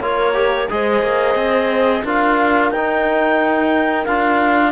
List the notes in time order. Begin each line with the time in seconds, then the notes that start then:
0.00 A#3 F4 A#4 C#5
0.33 G4
0.69 G#3 G#4 C5 D#5
1.02 A#3
1.35 C4
2.03 D4 F4 A#4 F5
2.71 D#4 G5
4.05 D4 F4 F5